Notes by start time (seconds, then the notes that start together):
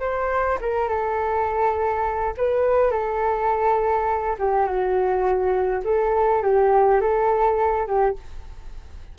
0.00 C5
0.61 A#4
0.88 A4
2.37 B4
2.91 A4
4.39 G4
4.66 F#4
5.84 A4
6.43 G4
7.01 A4
7.87 G4